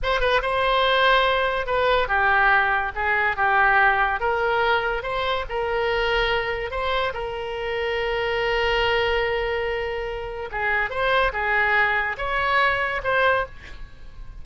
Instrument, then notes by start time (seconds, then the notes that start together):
oboe
0.02 C5
0.20 B4
0.42 C5
1.66 B4
2.08 G4
2.95 G#4
3.36 G4
4.19 A#4
5.03 C5
5.49 A#4
6.70 C5
7.13 A#4
10.51 G#4
10.90 C5
11.32 G#4
12.17 C#5
13.03 C5